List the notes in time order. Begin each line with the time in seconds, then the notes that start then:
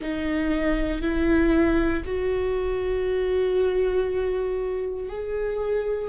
0.00 D#4
1.01 E4
2.05 F#4
5.08 G#4